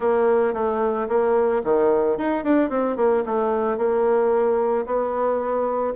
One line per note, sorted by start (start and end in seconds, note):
0.00 0.53 A#3
0.53 1.07 A3
1.08 1.62 A#3
1.64 2.17 D#3
2.17 2.43 D#4
2.43 2.69 D4
2.69 2.96 C4
2.96 3.23 A#3
3.25 3.77 A3
3.77 4.85 A#3
4.86 5.94 B3